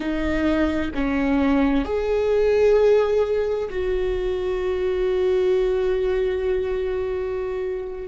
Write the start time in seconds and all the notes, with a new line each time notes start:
0.00 D#4
0.94 C#4
1.84 G#4
3.70 F#4